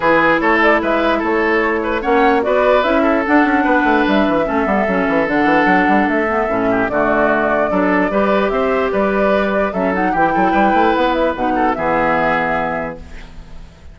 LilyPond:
<<
  \new Staff \with { instrumentName = "flute" } { \time 4/4 \tempo 4 = 148 b'4 cis''8 d''8 e''4 cis''4~ | cis''4 fis''4 d''4 e''4 | fis''2 e''2~ | e''4 fis''2 e''4~ |
e''4 d''2.~ | d''4 e''4 d''2 | e''8 fis''8 g''2 fis''8 e''8 | fis''4 e''2. | }
  \new Staff \with { instrumentName = "oboe" } { \time 4/4 gis'4 a'4 b'4 a'4~ | a'8 b'8 cis''4 b'4. a'8~ | a'4 b'2 a'4~ | a'1~ |
a'8 g'8 fis'2 a'4 | b'4 c''4 b'2 | a'4 g'8 a'8 b'2~ | b'8 a'8 gis'2. | }
  \new Staff \with { instrumentName = "clarinet" } { \time 4/4 e'1~ | e'4 cis'4 fis'4 e'4 | d'2. cis'8 b8 | cis'4 d'2~ d'8 b8 |
cis'4 a2 d'4 | g'1 | cis'8 dis'8 e'2. | dis'4 b2. | }
  \new Staff \with { instrumentName = "bassoon" } { \time 4/4 e4 a4 gis4 a4~ | a4 ais4 b4 cis'4 | d'8 cis'8 b8 a8 g8 e8 a8 g8 | fis8 e8 d8 e8 fis8 g8 a4 |
a,4 d2 fis4 | g4 c'4 g2 | fis4 e8 fis8 g8 a8 b4 | b,4 e2. | }
>>